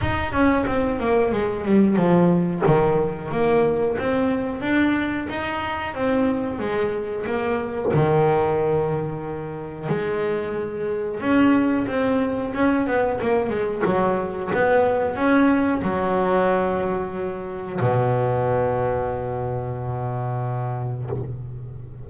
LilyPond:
\new Staff \with { instrumentName = "double bass" } { \time 4/4 \tempo 4 = 91 dis'8 cis'8 c'8 ais8 gis8 g8 f4 | dis4 ais4 c'4 d'4 | dis'4 c'4 gis4 ais4 | dis2. gis4~ |
gis4 cis'4 c'4 cis'8 b8 | ais8 gis8 fis4 b4 cis'4 | fis2. b,4~ | b,1 | }